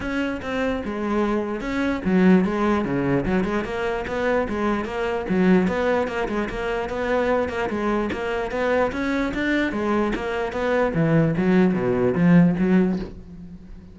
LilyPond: \new Staff \with { instrumentName = "cello" } { \time 4/4 \tempo 4 = 148 cis'4 c'4 gis2 | cis'4 fis4 gis4 cis4 | fis8 gis8 ais4 b4 gis4 | ais4 fis4 b4 ais8 gis8 |
ais4 b4. ais8 gis4 | ais4 b4 cis'4 d'4 | gis4 ais4 b4 e4 | fis4 b,4 f4 fis4 | }